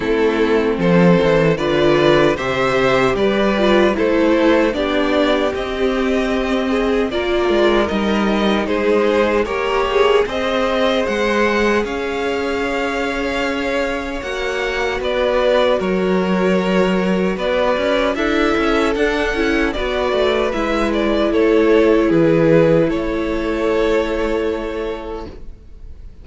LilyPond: <<
  \new Staff \with { instrumentName = "violin" } { \time 4/4 \tempo 4 = 76 a'4 c''4 d''4 e''4 | d''4 c''4 d''4 dis''4~ | dis''4 d''4 dis''4 c''4 | ais'8 gis'8 dis''4 fis''4 f''4~ |
f''2 fis''4 d''4 | cis''2 d''4 e''4 | fis''4 d''4 e''8 d''8 cis''4 | b'4 cis''2. | }
  \new Staff \with { instrumentName = "violin" } { \time 4/4 e'4 a'4 b'4 c''4 | b'4 a'4 g'2~ | g'8 gis'8 ais'2 gis'4 | cis''4 c''2 cis''4~ |
cis''2. b'4 | ais'2 b'4 a'4~ | a'4 b'2 a'4 | gis'4 a'2. | }
  \new Staff \with { instrumentName = "viola" } { \time 4/4 c'2 f'4 g'4~ | g'8 f'8 e'4 d'4 c'4~ | c'4 f'4 dis'2 | g'4 gis'2.~ |
gis'2 fis'2~ | fis'2. e'4 | d'8 e'8 fis'4 e'2~ | e'1 | }
  \new Staff \with { instrumentName = "cello" } { \time 4/4 a4 f8 e8 d4 c4 | g4 a4 b4 c'4~ | c'4 ais8 gis8 g4 gis4 | ais4 c'4 gis4 cis'4~ |
cis'2 ais4 b4 | fis2 b8 cis'8 d'8 cis'8 | d'8 cis'8 b8 a8 gis4 a4 | e4 a2. | }
>>